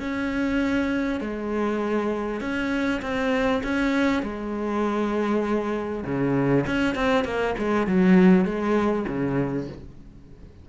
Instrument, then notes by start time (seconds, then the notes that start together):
cello
0.00 C#4
1.21 G#3
2.41 C#4
3.02 C4
3.64 C#4
4.23 G#3
6.05 C#3
6.67 C#4
6.95 C4
7.25 A#3
7.59 G#3
7.87 F#3
8.45 G#3
9.08 C#3